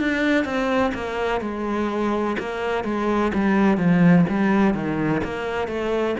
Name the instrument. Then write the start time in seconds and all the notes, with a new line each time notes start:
cello
0.00 D4
0.45 C4
0.95 A#3
1.42 G#3
2.39 A#3
2.84 G#3
3.35 G3
3.78 F3
4.29 G3
4.74 D#3
5.24 A#3
5.68 A3